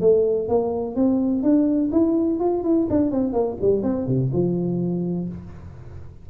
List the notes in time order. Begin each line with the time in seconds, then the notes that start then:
0.00 A3
0.48 A#3
0.95 C4
1.42 D4
1.92 E4
2.39 F4
2.63 E4
2.90 D4
3.11 C4
3.33 A#3
3.61 G3
3.82 C4
4.07 C3
4.32 F3